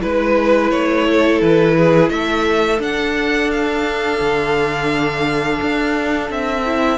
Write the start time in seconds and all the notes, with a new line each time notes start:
0.00 G#3 E4 B4
0.70 A3 C#5
1.08 A4
1.41 E3 B4
1.77 G#4
2.09 A3 A4 E5
2.78 D4 F#5
3.51 F5
4.20 D3
5.61 D4
6.30 C4 E5
6.65 E4